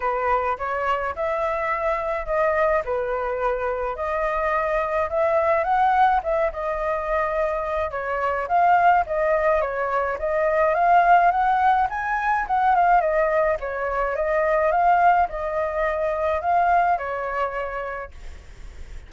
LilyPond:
\new Staff \with { instrumentName = "flute" } { \time 4/4 \tempo 4 = 106 b'4 cis''4 e''2 | dis''4 b'2 dis''4~ | dis''4 e''4 fis''4 e''8 dis''8~ | dis''2 cis''4 f''4 |
dis''4 cis''4 dis''4 f''4 | fis''4 gis''4 fis''8 f''8 dis''4 | cis''4 dis''4 f''4 dis''4~ | dis''4 f''4 cis''2 | }